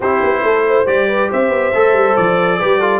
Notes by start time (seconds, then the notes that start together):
0.00 C4 E4 G4 C5
0.22 B3
0.43 A3 A4
0.67 C5
0.86 G3 G4 D5
1.08 B4
1.29 C4 C5 E5
1.49 B3
1.74 A3 A4
1.92 G3
2.16 F3 D5
2.59 G3 G4 B4
2.79 F4 A4